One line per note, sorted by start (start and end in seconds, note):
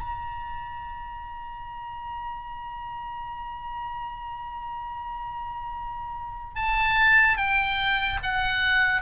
0.00 6.55 A#5
6.55 7.37 A5
7.37 8.19 G5
8.23 9.01 F#5